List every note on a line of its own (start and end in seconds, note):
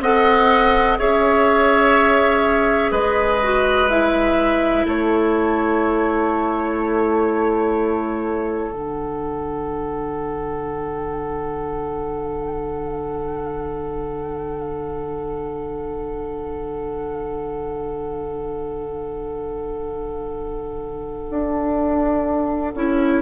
0.00 0.97 C4
0.00 0.98 A4
0.00 0.98 D#5
0.00 0.99 F#5
0.98 2.91 C#4
0.98 3.40 G#4
0.98 2.91 C#5
0.98 2.92 E5
2.91 4.85 G#3
2.91 4.85 B4
2.91 3.89 D#5
3.43 3.89 F#4
3.89 8.72 E4
3.89 4.86 E5
4.85 8.70 A3
4.85 23.21 A4
4.85 8.72 C#5
8.70 21.28 D3
8.70 22.75 D4
8.70 23.21 F#5
21.30 22.74 D4
22.74 23.21 C#4
22.74 23.21 E4